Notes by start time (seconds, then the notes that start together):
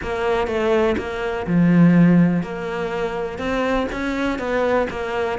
0.02 A#3
0.47 A3
0.97 A#3
1.47 F3
2.43 A#3
3.38 C4
3.92 C#4
4.38 B3
4.90 A#3